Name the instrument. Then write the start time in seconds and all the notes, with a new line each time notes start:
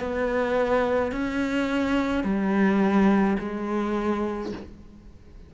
cello
0.00 B3
1.12 C#4
2.24 G3
3.39 G#3